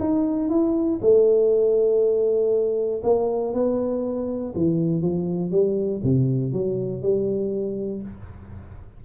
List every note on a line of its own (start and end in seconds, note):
0.00 0.50 D#4
0.50 1.00 E4
1.02 3.02 A3
3.04 3.54 A#3
3.54 4.54 B3
4.55 5.02 E3
5.02 5.52 F3
5.52 6.02 G3
6.04 6.53 C3
6.53 7.02 F#3
7.02 8.03 G3